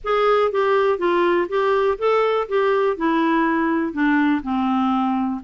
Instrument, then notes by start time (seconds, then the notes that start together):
clarinet
0.04 G#4
0.51 G4
0.98 F4
1.49 G4
1.98 A4
2.48 G4
2.96 E4
3.92 D4
4.42 C4